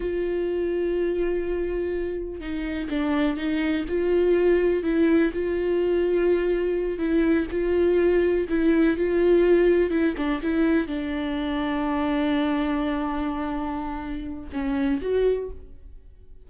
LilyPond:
\new Staff \with { instrumentName = "viola" } { \time 4/4 \tempo 4 = 124 f'1~ | f'4 dis'4 d'4 dis'4 | f'2 e'4 f'4~ | f'2~ f'8 e'4 f'8~ |
f'4. e'4 f'4.~ | f'8 e'8 d'8 e'4 d'4.~ | d'1~ | d'2 cis'4 fis'4 | }